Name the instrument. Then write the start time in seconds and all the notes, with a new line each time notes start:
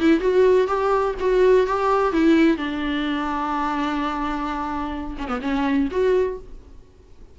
viola
0.00 E4
0.21 F#4
0.67 G4
1.20 F#4
1.67 G4
2.13 E4
2.57 D4
5.18 C#4
5.28 B3
5.42 C#4
5.91 F#4